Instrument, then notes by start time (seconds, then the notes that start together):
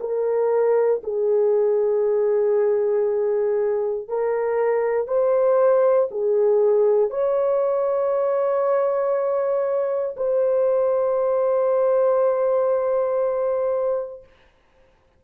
horn
0.00 A#4
1.04 G#4
4.09 A#4
5.08 C5
6.11 G#4
7.10 C#5
10.17 C5